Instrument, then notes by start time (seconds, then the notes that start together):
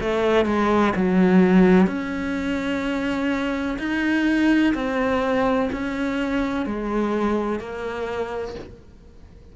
cello
0.00 A3
0.45 G#3
0.96 F#3
1.87 C#4
3.78 D#4
4.74 C4
5.72 C#4
6.66 G#3
7.60 A#3